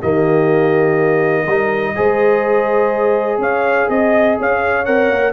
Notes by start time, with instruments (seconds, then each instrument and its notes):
0.00 tuba D#3, trombone A#3, horn G4, trumpet D#5
1.44 tuba G3, trombone D#4, horn A#4
1.96 tuba G#3, trombone G#4, horn C5
3.39 tuba C#4, horn C#5, trumpet F5
3.90 tuba C4, trumpet D#5, horn D#5
4.40 tuba C#4, horn C#5, trumpet F5
4.85 tuba C4, trombone A#4, trumpet F#5
5.10 tuba A#3